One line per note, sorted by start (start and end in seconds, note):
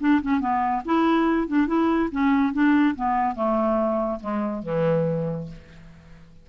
0.00 0.21 D4
0.22 0.40 C#4
0.40 0.82 B3
0.85 1.48 E4
1.48 1.67 D4
1.67 2.09 E4
2.11 2.53 C#4
2.53 2.95 D4
2.95 3.35 B3
3.35 4.19 A3
4.20 4.63 G#3
4.63 5.47 E3